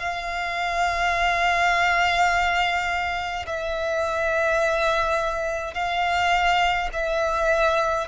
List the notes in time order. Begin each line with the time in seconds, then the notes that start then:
0.00 F5
3.47 E5
5.74 F5
6.93 E5